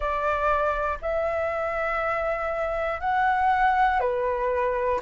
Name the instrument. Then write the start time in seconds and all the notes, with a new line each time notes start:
flute
0.00 D5
1.01 E5
3.00 F#5
4.00 B4